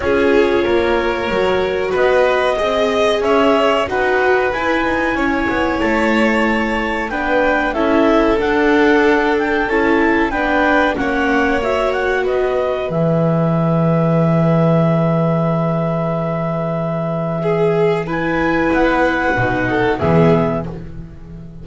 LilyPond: <<
  \new Staff \with { instrumentName = "clarinet" } { \time 4/4 \tempo 4 = 93 cis''2. dis''4~ | dis''4 e''4 fis''4 gis''4~ | gis''4 a''2 g''4 | e''4 fis''4. g''8 a''4 |
g''4 fis''4 e''8 fis''8 dis''4 | e''1~ | e''1 | gis''4 fis''2 e''4 | }
  \new Staff \with { instrumentName = "violin" } { \time 4/4 gis'4 ais'2 b'4 | dis''4 cis''4 b'2 | cis''2. b'4 | a'1 |
b'4 cis''2 b'4~ | b'1~ | b'2. gis'4 | b'2~ b'8 a'8 gis'4 | }
  \new Staff \with { instrumentName = "viola" } { \time 4/4 f'2 fis'2 | gis'2 fis'4 e'4~ | e'2. d'4 | e'4 d'2 e'4 |
d'4 cis'4 fis'2 | gis'1~ | gis'1 | e'2 dis'4 b4 | }
  \new Staff \with { instrumentName = "double bass" } { \time 4/4 cis'4 ais4 fis4 b4 | c'4 cis'4 dis'4 e'8 dis'8 | cis'8 b8 a2 b4 | cis'4 d'2 cis'4 |
b4 ais2 b4 | e1~ | e1~ | e4 b4 b,4 e4 | }
>>